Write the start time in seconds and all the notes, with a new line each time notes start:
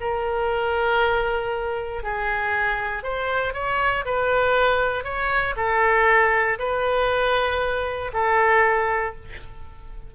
0.00 A#4
2.03 G#4
3.03 C5
3.53 C#5
4.05 B4
5.04 C#5
5.56 A4
6.59 B4
8.13 A4